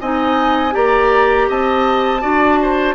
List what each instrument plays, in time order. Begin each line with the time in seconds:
0.00 bassoon C4, clarinet D#4, oboe D#5, flute G#5
0.71 bassoon A#3, clarinet G4, oboe D5, flute A#5
1.48 bassoon C4, oboe D#5, flute A5
2.21 bassoon D4, clarinet F#4, oboe D5
2.62 oboe C5